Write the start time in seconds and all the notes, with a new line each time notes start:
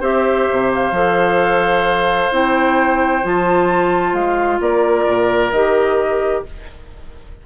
0.00 C4 G4 C5 E5
0.51 C3
0.74 F5
0.92 F3 A4
2.32 C4 E4 G5
3.23 F3 F4 A5
4.13 G#3 F5
4.60 A#3 A#4 D5
5.07 A#2
5.52 D#3 G4 D#5